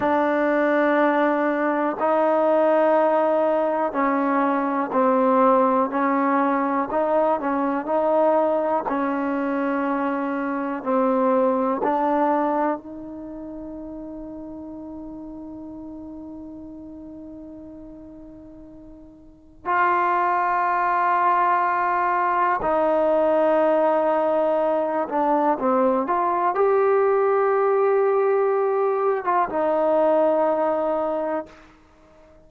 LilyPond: \new Staff \with { instrumentName = "trombone" } { \time 4/4 \tempo 4 = 61 d'2 dis'2 | cis'4 c'4 cis'4 dis'8 cis'8 | dis'4 cis'2 c'4 | d'4 dis'2.~ |
dis'1 | f'2. dis'4~ | dis'4. d'8 c'8 f'8 g'4~ | g'4.~ g'16 f'16 dis'2 | }